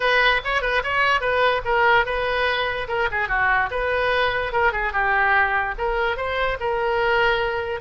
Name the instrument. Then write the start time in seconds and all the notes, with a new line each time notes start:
oboe
0.00 B4
0.44 C#5
0.61 B4
0.83 C#5
1.20 B4
1.64 A#4
2.05 B4
2.88 A#4
3.11 G#4
3.28 F#4
3.70 B4
4.52 A#4
4.72 G#4
4.92 G4
5.78 A#4
6.16 C5
6.59 A#4